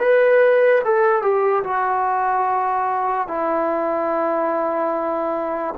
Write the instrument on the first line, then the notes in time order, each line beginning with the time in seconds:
trombone
0.00 B4
0.85 A4
1.23 G4
1.64 F#4
3.28 E4